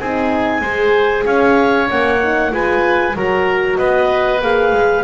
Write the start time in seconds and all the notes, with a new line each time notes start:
0.00 C4 D#4 G#4 G#5
0.61 G#3 G#4 C5
1.26 C#4 C#5 F5
1.87 A#3 C#4 F#5
2.23 D#4
2.50 G#3 F4 B4 G#5
3.16 F#3 F#4 A#4 A#5
3.78 B3 B4 D#5
4.41 A#3 G#4 F5
4.72 G#3